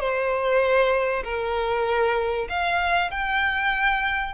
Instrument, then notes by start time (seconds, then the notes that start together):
violin
0.00 C5
1.25 A#4
2.50 F5
3.11 G5